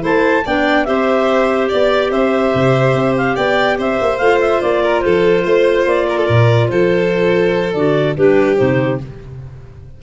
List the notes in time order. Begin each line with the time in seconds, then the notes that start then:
0.00 A3 E4 C5 A5
0.45 B3 D4 D5 G5
0.85 C4 G4 C5 E5
1.69 B3 D5
2.11 C4 C5 E5
2.54 C3
2.94 C4
3.16 F5
3.35 B3 D5 G5
3.78 C4 C5 E5
4.01 A#3
4.18 A3 F4 F5
4.40 E5
4.61 A#3 D5
4.83 A#4
5.00 F3 A4 C5
5.44 A3 C5
5.86 A#3 D5
6.09 A#4
6.18 A4
6.26 A#2 A#4
6.69 F3 A4 C5
7.73 D3 F#4 D5
8.15 G3 D4 G4 B4
8.56 C3 D#4 C5